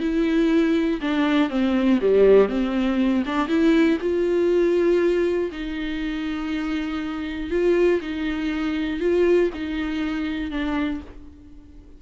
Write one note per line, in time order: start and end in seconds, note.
0.00 1.00 E4
1.01 1.49 D4
1.49 1.99 C4
2.01 2.49 G3
2.49 3.24 C4
3.25 3.48 D4
3.48 3.98 E4
4.01 5.51 F4
5.52 7.50 D#4
7.50 8.00 F4
8.01 9.00 D#4
9.00 9.50 F4
9.54 10.50 D#4
10.50 11.00 D4